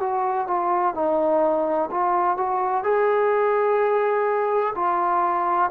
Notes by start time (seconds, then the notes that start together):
0.00 F#4
0.47 F4
0.94 D#4
1.91 F4
2.37 F#4
2.84 G#4
4.75 F4